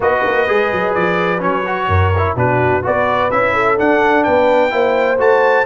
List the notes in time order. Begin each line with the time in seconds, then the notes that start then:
0.00 B3 F#4 B4 D#5
0.25 A#3
0.47 G#3 G#4
0.72 F#3
0.94 F3 D5
1.39 F#3 C#4 C#5
1.65 F#4
1.87 F#2 A#4
2.17 E4
2.35 B2 D4 F#4 B4
2.82 B3 F#4 B4 D5
3.30 C#4 E4 E5
3.53 A4
3.77 D4 F#5
4.23 B3 B4 G5
4.70 A#3 E4 C5
5.18 A3 F#4 A5